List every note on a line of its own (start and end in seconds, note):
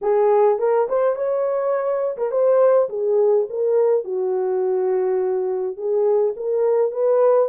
0.01 0.58 G#4
0.58 0.87 A#4
0.89 1.15 C5
1.15 2.16 C#5
2.17 2.31 A#4
2.31 2.88 C5
2.89 3.47 G#4
3.49 4.04 A#4
4.04 5.76 F#4
5.76 6.34 G#4
6.36 6.91 A#4
6.91 7.48 B4